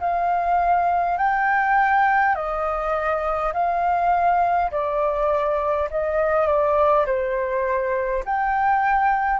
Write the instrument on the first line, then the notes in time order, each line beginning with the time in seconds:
flute
0.00 F5
1.18 G5
2.35 D#5
3.53 F5
4.71 D5
5.90 D#5
6.47 D5
7.06 C5
8.25 G5